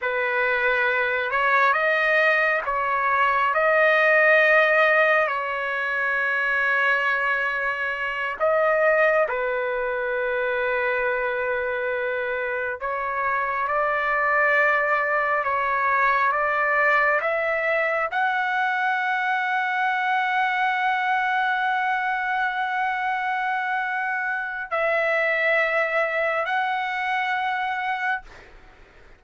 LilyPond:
\new Staff \with { instrumentName = "trumpet" } { \time 4/4 \tempo 4 = 68 b'4. cis''8 dis''4 cis''4 | dis''2 cis''2~ | cis''4. dis''4 b'4.~ | b'2~ b'8 cis''4 d''8~ |
d''4. cis''4 d''4 e''8~ | e''8 fis''2.~ fis''8~ | fis''1 | e''2 fis''2 | }